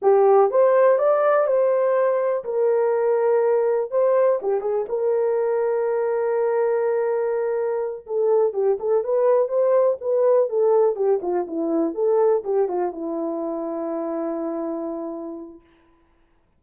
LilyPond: \new Staff \with { instrumentName = "horn" } { \time 4/4 \tempo 4 = 123 g'4 c''4 d''4 c''4~ | c''4 ais'2. | c''4 g'8 gis'8 ais'2~ | ais'1~ |
ais'8 a'4 g'8 a'8 b'4 c''8~ | c''8 b'4 a'4 g'8 f'8 e'8~ | e'8 a'4 g'8 f'8 e'4.~ | e'1 | }